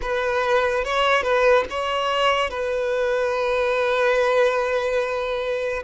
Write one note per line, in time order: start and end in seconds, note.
0.02 0.84 B4
0.84 1.22 C#5
1.22 1.64 B4
1.69 2.50 C#5
2.50 5.83 B4